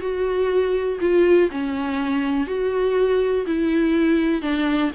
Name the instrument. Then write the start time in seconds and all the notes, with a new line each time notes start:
viola
0.00 F#4
1.01 F4
1.51 C#4
2.47 F#4
3.46 E4
4.42 D4